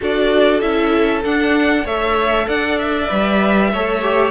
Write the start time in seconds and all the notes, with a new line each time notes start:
0.00 D4 F#4 A4 D5
0.60 C#4 E4 E5
1.24 D4 F#5
1.84 A3 A4 C#5 E5
2.47 D4 D5 F#5
2.78 E5
3.07 G3 B4
3.72 A3 A4 C#5
4.01 G4